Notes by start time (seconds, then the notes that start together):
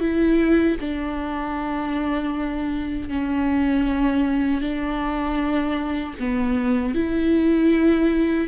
0.00 E4
0.80 D4
3.09 C#4
4.61 D4
6.19 B3
6.94 E4